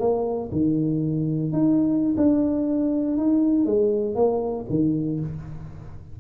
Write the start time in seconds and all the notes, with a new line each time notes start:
0.00 A#3
0.52 D#3
1.53 D#4
2.17 D4
3.17 D#4
3.66 G#3
4.16 A#3
4.70 D#3